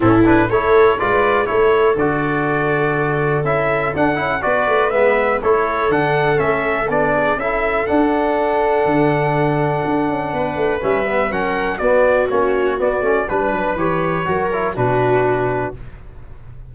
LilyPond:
<<
  \new Staff \with { instrumentName = "trumpet" } { \time 4/4 \tempo 4 = 122 a'8 b'8 cis''4 d''4 cis''4 | d''2. e''4 | fis''4 d''4 e''4 cis''4 | fis''4 e''4 d''4 e''4 |
fis''1~ | fis''2 e''4 fis''4 | d''4 cis''4 d''4 b'4 | cis''2 b'2 | }
  \new Staff \with { instrumentName = "viola" } { \time 4/4 e'4 a'4 b'4 a'4~ | a'1~ | a'4 b'2 a'4~ | a'2~ a'8 gis'8 a'4~ |
a'1~ | a'4 b'2 ais'4 | fis'2. b'4~ | b'4 ais'4 fis'2 | }
  \new Staff \with { instrumentName = "trombone" } { \time 4/4 cis'8 d'8 e'4 f'4 e'4 | fis'2. e'4 | d'8 e'8 fis'4 b4 e'4 | d'4 cis'4 d'4 e'4 |
d'1~ | d'2 cis'8 b8 cis'4 | b4 cis'4 b8 cis'8 d'4 | g'4 fis'8 e'8 d'2 | }
  \new Staff \with { instrumentName = "tuba" } { \time 4/4 a,4 a4 gis4 a4 | d2. cis'4 | d'8 cis'8 b8 a8 gis4 a4 | d4 a4 b4 cis'4 |
d'2 d2 | d'8 cis'8 b8 a8 g4 fis4 | b4 ais4 b8 a8 g8 fis8 | e4 fis4 b,2 | }
>>